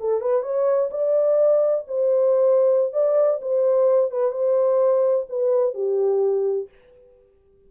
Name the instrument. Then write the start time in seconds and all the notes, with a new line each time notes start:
horn
0.00 A4
0.21 B4
0.42 C#5
0.90 D5
1.87 C5
2.92 D5
3.41 C5
4.11 B4
4.31 C5
5.29 B4
5.74 G4